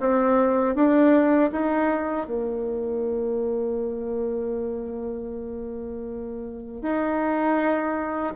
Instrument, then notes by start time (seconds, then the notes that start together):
bassoon
0.00 C4
0.75 D4
1.52 D#4
2.27 A#3
6.82 D#4